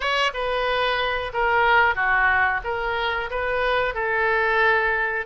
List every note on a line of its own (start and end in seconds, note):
0.00 0.31 C#5
0.33 1.32 B4
1.33 1.95 A#4
1.95 2.60 F#4
2.64 3.30 A#4
3.30 3.94 B4
3.94 5.26 A4